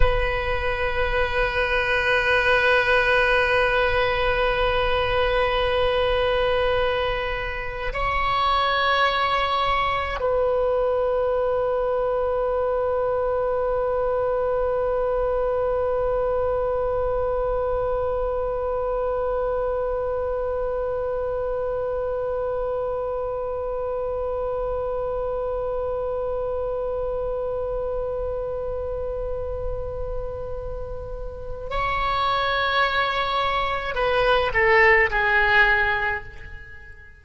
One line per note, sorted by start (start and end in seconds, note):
0.00 7.92 B4
7.93 10.19 C#5
10.19 31.70 B4
31.70 33.95 C#5
33.95 34.51 B4
34.53 35.09 A4
35.10 36.23 G#4